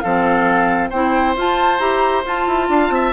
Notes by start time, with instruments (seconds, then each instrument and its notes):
0.00 bassoon F3, clarinet C4, oboe A4, flute F5
0.89 bassoon C4, clarinet E4, oboe C5, flute G5
1.36 bassoon F4, clarinet F4, flute A5
1.78 bassoon E4, clarinet G4, flute A#5
2.25 bassoon F4, clarinet F4, flute A5
2.47 bassoon E4
2.68 bassoon D4, oboe F5
2.89 bassoon C4, oboe E5